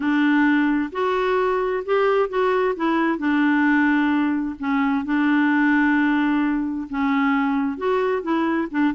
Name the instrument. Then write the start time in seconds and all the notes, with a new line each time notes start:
clarinet
0.00 D4
0.92 F#4
1.85 G4
2.29 F#4
2.76 E4
3.18 D4
4.59 C#4
5.04 D4
6.89 C#4
7.77 F#4
8.22 E4
8.70 D4